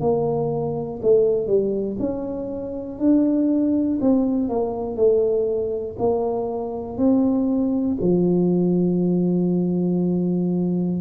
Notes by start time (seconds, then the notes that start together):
0.00 A#3
1.02 A3
1.47 G3
1.99 C#4
2.99 D4
4.00 C4
4.49 A#3
4.96 A3
5.98 A#3
6.97 C4
8.01 F3